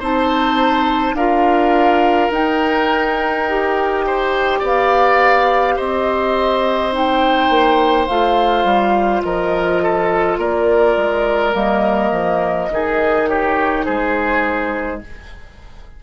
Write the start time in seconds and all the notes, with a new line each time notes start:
0.00 C4 D#4 C5 A5
1.14 D4 F4 A#4 F5
2.31 D#4 G5
3.49 G4
4.07 C5
4.60 B3 D5 F5
5.77 C4 C5 D#5
6.92 D#4 G5
7.50 A#3
8.07 A3 F4 F5
8.65 G3
9.23 F3 A#4 D#5
9.83 A4
10.38 A#3 A#4 D5
10.97 G#3
11.53 G3 A#3 D#5
12.12 F3
12.71 D#3 D#4 G#4
13.28 G4 C#5
13.86 G#3 G#4 C5